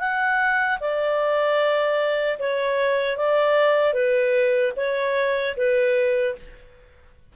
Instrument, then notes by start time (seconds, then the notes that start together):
clarinet
0.00 F#5
0.80 D5
2.39 C#5
3.18 D5
3.94 B4
4.77 C#5
5.57 B4